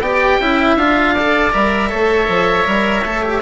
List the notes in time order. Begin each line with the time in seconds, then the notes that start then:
0.00 B3 G4 D5 G5
0.40 C#4 E4 E5
0.76 D4 F4 F5
1.14 A4 D5
1.51 G3 A#4 E5
1.90 A3 A4 C#5
2.28 F3
2.65 G3 A#4
3.04 A3 A4
3.22 G4